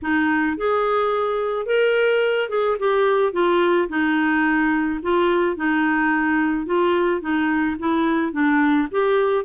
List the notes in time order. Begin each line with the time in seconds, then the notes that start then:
0.02 D#4
0.57 G#4
1.66 A#4
2.49 G#4
2.79 G4
3.32 F4
3.88 D#4
5.02 F4
5.56 D#4
6.66 F4
7.21 D#4
7.79 E4
8.32 D4
8.91 G4